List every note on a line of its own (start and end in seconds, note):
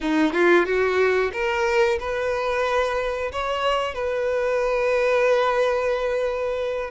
0.00 0.33 D#4
0.33 0.65 F4
0.65 1.31 F#4
1.32 1.98 A#4
1.99 3.31 B4
3.31 3.94 C#5
3.94 6.91 B4